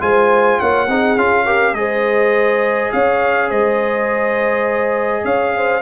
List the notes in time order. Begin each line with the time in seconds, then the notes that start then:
0.00 G#3 F4 C5 G#5
0.60 A#3 C#5 F#5
0.88 C4 D#4 G#4
1.16 C#4 F4 F5
1.45 G4 A#4
1.74 G#3 G#4 C5 D#5
2.92 C#4 C#5 F5
3.49 G#3 C5 D#5
5.24 C#4 C#5 F5
5.56 C5